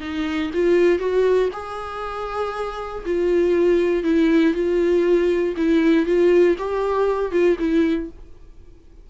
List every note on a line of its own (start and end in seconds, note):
0.00 0.50 D#4
0.54 0.99 F4
0.99 1.49 F#4
1.52 3.04 G#4
3.05 4.04 F4
4.04 4.54 E4
4.54 5.55 F4
5.56 6.06 E4
6.06 6.56 F4
6.58 7.31 G4
7.31 7.57 F4
7.59 8.09 E4